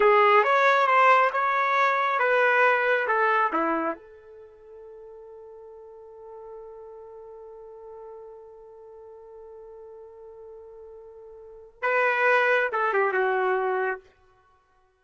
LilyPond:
\new Staff \with { instrumentName = "trumpet" } { \time 4/4 \tempo 4 = 137 gis'4 cis''4 c''4 cis''4~ | cis''4 b'2 a'4 | e'4 a'2.~ | a'1~ |
a'1~ | a'1~ | a'2. b'4~ | b'4 a'8 g'8 fis'2 | }